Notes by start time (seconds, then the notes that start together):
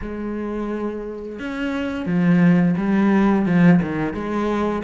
0.01 G#3
1.39 C#4
2.06 F3
2.77 G3
3.45 F3
3.82 D#3
4.13 G#3